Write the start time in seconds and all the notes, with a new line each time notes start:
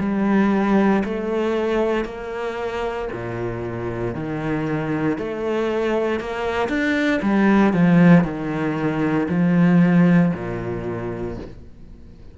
0.00 G3
1.04 A3
2.05 A#3
3.12 A#2
4.15 D#3
5.18 A3
6.20 A#3
6.69 D4
7.22 G3
7.74 F3
8.24 D#3
9.29 F3
10.34 A#2